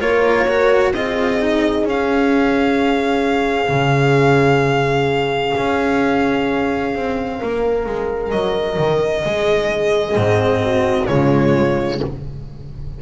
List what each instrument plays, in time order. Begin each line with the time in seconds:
0.00 double bass A#3, cello F4, horn A#4, violin C#5
0.48 cello F#4
0.93 double bass C4, cello F4, horn G#4, violin D#5
1.40 cello D#4
1.83 double bass C#4, cello C#4, violin F5
3.68 double bass C#3
5.57 double bass C#4
6.95 double bass C4
7.39 double bass A#3, horn A#4
7.86 double bass G#3
8.31 double bass F#3, violin D#5
8.78 double bass D#3
9.25 double bass G#3, horn G#4
10.16 double bass G#2, cello C4
10.63 horn F#4
11.07 double bass C#3, cello G#3, horn F4, violin C#5